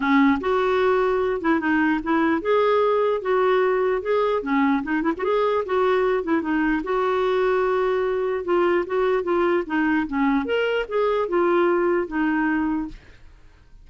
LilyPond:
\new Staff \with { instrumentName = "clarinet" } { \time 4/4 \tempo 4 = 149 cis'4 fis'2~ fis'8 e'8 | dis'4 e'4 gis'2 | fis'2 gis'4 cis'4 | dis'8 e'16 fis'16 gis'4 fis'4. e'8 |
dis'4 fis'2.~ | fis'4 f'4 fis'4 f'4 | dis'4 cis'4 ais'4 gis'4 | f'2 dis'2 | }